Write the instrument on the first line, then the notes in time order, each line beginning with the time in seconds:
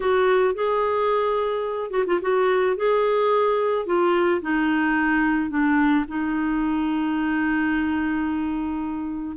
clarinet
0.00 F#4
0.54 G#4
1.90 F#4
2.06 F4
2.21 F#4
2.76 G#4
3.86 F4
4.41 D#4
5.50 D4
6.08 D#4